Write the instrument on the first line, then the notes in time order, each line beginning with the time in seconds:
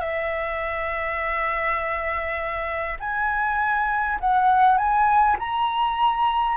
flute
0.00 E5
2.99 G#5
4.20 F#5
4.77 G#5
5.39 A#5